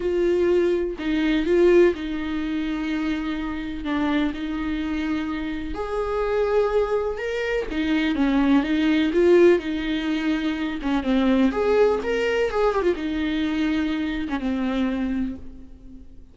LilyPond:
\new Staff \with { instrumentName = "viola" } { \time 4/4 \tempo 4 = 125 f'2 dis'4 f'4 | dis'1 | d'4 dis'2. | gis'2. ais'4 |
dis'4 cis'4 dis'4 f'4 | dis'2~ dis'8 cis'8 c'4 | gis'4 ais'4 gis'8 g'16 f'16 dis'4~ | dis'4.~ dis'16 cis'16 c'2 | }